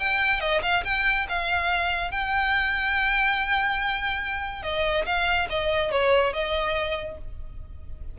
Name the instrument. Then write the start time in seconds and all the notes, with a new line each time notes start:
violin
0.00 G5
0.41 D#5
0.63 F5
0.85 G5
1.29 F5
2.11 G5
4.63 D#5
5.06 F5
5.50 D#5
5.91 C#5
6.33 D#5